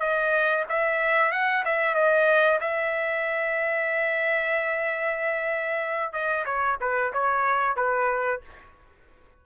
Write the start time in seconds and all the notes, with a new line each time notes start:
0.00 D#5
0.70 E5
1.32 F#5
1.65 E5
1.95 D#5
2.61 E5
6.13 D#5
6.45 C#5
6.81 B4
7.13 C#5
7.77 B4